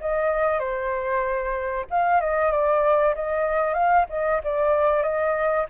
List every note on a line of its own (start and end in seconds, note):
0.00 0.59 D#5
0.59 1.85 C5
1.90 2.20 F5
2.20 2.51 D#5
2.51 3.14 D5
3.14 3.73 D#5
3.73 4.05 F5
4.09 4.41 D#5
4.43 5.02 D5
5.02 5.65 D#5